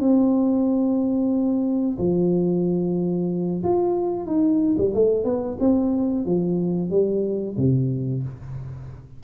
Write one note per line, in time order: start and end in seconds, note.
0.00 1.98 C4
1.98 3.63 F3
3.63 4.26 F4
4.26 4.76 D#4
4.78 4.94 G3
4.94 5.24 A3
5.24 5.57 B3
5.60 6.25 C4
6.25 6.90 F3
6.90 7.56 G3
7.57 8.23 C3